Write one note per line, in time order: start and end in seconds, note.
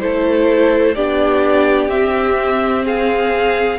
0.00 0.96 A3
0.00 0.95 E4
0.00 0.96 A4
0.00 0.95 C5
0.95 1.89 B3
0.95 1.90 D4
0.95 2.86 G4
0.95 1.90 D5
1.89 3.79 C4
1.89 2.86 E5
2.86 3.79 G#4
2.86 3.79 F5